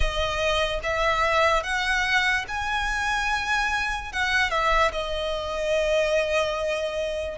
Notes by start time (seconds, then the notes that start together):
0.00 D#5
0.83 E5
1.63 F#5
2.48 G#5
4.12 F#5
4.50 E5
4.91 D#5